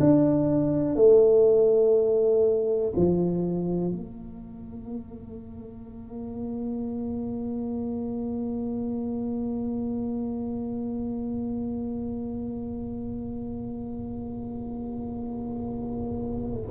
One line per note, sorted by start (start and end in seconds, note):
0.00 0.95 D4
0.95 2.92 A3
2.96 3.92 F3
3.92 16.70 A#3